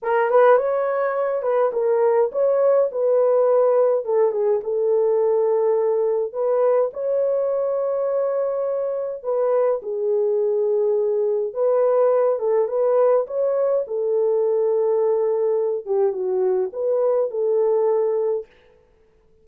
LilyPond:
\new Staff \with { instrumentName = "horn" } { \time 4/4 \tempo 4 = 104 ais'8 b'8 cis''4. b'8 ais'4 | cis''4 b'2 a'8 gis'8 | a'2. b'4 | cis''1 |
b'4 gis'2. | b'4. a'8 b'4 cis''4 | a'2.~ a'8 g'8 | fis'4 b'4 a'2 | }